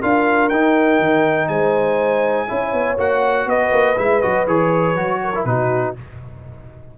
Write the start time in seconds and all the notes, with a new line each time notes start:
0.00 D4 F4 A#4 F5
0.50 D#4 G5
1.00 D#3
1.49 G#3 C5 G#5
2.48 C#4 E4 C#5
2.74 B3
2.98 A#3 F#4 F#5
3.46 B3 B4 D#5
3.73 A#3
3.97 G#3 E4 E5
4.22 F#3 F#4 D#5
4.48 E3 G#4 C#5
4.96 F#3 F#4
5.24 A#4
5.36 E4
5.45 B2 D#4 F#4 B4